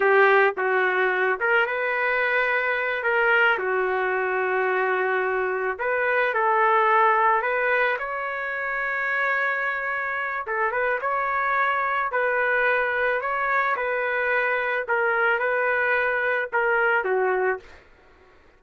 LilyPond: \new Staff \with { instrumentName = "trumpet" } { \time 4/4 \tempo 4 = 109 g'4 fis'4. ais'8 b'4~ | b'4. ais'4 fis'4.~ | fis'2~ fis'8 b'4 a'8~ | a'4. b'4 cis''4.~ |
cis''2. a'8 b'8 | cis''2 b'2 | cis''4 b'2 ais'4 | b'2 ais'4 fis'4 | }